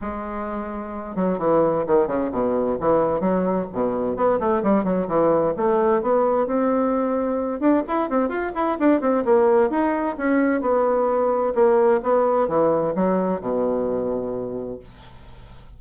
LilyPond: \new Staff \with { instrumentName = "bassoon" } { \time 4/4 \tempo 4 = 130 gis2~ gis8 fis8 e4 | dis8 cis8 b,4 e4 fis4 | b,4 b8 a8 g8 fis8 e4 | a4 b4 c'2~ |
c'8 d'8 e'8 c'8 f'8 e'8 d'8 c'8 | ais4 dis'4 cis'4 b4~ | b4 ais4 b4 e4 | fis4 b,2. | }